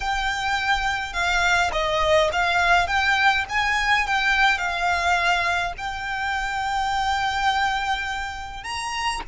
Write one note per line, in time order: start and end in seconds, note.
0.00 1.13 G5
1.13 1.70 F5
1.72 2.30 D#5
2.32 2.87 F5
2.87 3.44 G5
3.49 4.06 G#5
4.06 4.58 G5
4.58 5.73 F5
5.77 8.63 G5
8.63 9.21 A#5